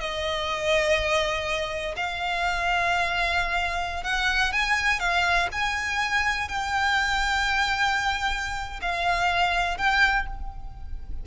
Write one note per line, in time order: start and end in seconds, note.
0.00 1.95 D#5
1.96 4.04 F5
4.04 4.52 F#5
4.52 5.00 G#5
5.00 5.49 F5
5.52 6.49 G#5
6.49 8.80 G5
8.82 9.78 F5
9.78 10.27 G5